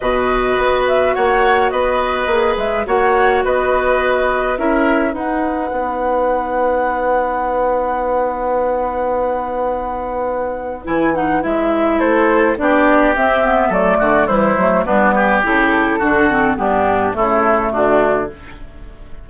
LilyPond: <<
  \new Staff \with { instrumentName = "flute" } { \time 4/4 \tempo 4 = 105 dis''4. e''8 fis''4 dis''4~ | dis''8 e''8 fis''4 dis''2 | e''4 fis''2.~ | fis''1~ |
fis''2. gis''8 fis''8 | e''4 c''4 d''4 e''4 | d''4 c''4 b'4 a'4~ | a'4 g'4 a'4 fis'4 | }
  \new Staff \with { instrumentName = "oboe" } { \time 4/4 b'2 cis''4 b'4~ | b'4 cis''4 b'2 | ais'4 b'2.~ | b'1~ |
b'1~ | b'4 a'4 g'2 | a'8 fis'8 e'4 d'8 g'4. | fis'4 d'4 e'4 d'4 | }
  \new Staff \with { instrumentName = "clarinet" } { \time 4/4 fis'1 | gis'4 fis'2. | e'4 dis'2.~ | dis'1~ |
dis'2. e'8 dis'8 | e'2 d'4 c'8 b8 | a4 g8 a8 b4 e'4 | d'8 c'8 b4 a2 | }
  \new Staff \with { instrumentName = "bassoon" } { \time 4/4 b,4 b4 ais4 b4 | ais8 gis8 ais4 b2 | cis'4 dis'4 b2~ | b1~ |
b2. e4 | gis4 a4 b4 c'4 | fis8 d8 e8 fis8 g4 cis4 | d4 g,4 cis4 d4 | }
>>